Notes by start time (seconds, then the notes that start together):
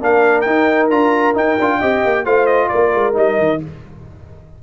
0.00 A#3 D4 A#4 F5
0.41 D#4 G5
0.90 D4 F4 A#5
1.34 D#4 G5
1.59 D4 F4
1.78 C4 G4 D#5
2.04 A#3
2.25 A3 F4 C5 F5
2.46 D#5
2.68 A#3 A#4 D5
2.94 G#3
3.13 G3 D#4 D#5
3.38 D#3